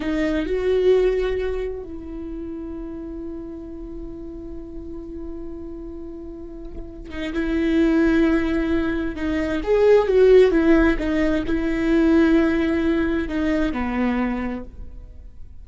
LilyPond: \new Staff \with { instrumentName = "viola" } { \time 4/4 \tempo 4 = 131 dis'4 fis'2. | e'1~ | e'1~ | e'2.~ e'8 dis'8 |
e'1 | dis'4 gis'4 fis'4 e'4 | dis'4 e'2.~ | e'4 dis'4 b2 | }